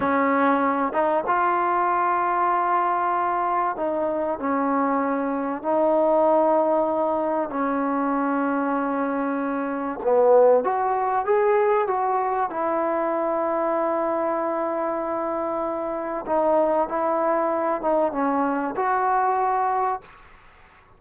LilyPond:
\new Staff \with { instrumentName = "trombone" } { \time 4/4 \tempo 4 = 96 cis'4. dis'8 f'2~ | f'2 dis'4 cis'4~ | cis'4 dis'2. | cis'1 |
b4 fis'4 gis'4 fis'4 | e'1~ | e'2 dis'4 e'4~ | e'8 dis'8 cis'4 fis'2 | }